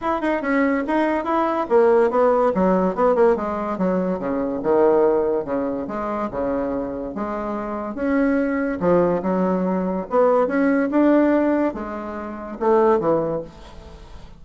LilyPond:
\new Staff \with { instrumentName = "bassoon" } { \time 4/4 \tempo 4 = 143 e'8 dis'8 cis'4 dis'4 e'4 | ais4 b4 fis4 b8 ais8 | gis4 fis4 cis4 dis4~ | dis4 cis4 gis4 cis4~ |
cis4 gis2 cis'4~ | cis'4 f4 fis2 | b4 cis'4 d'2 | gis2 a4 e4 | }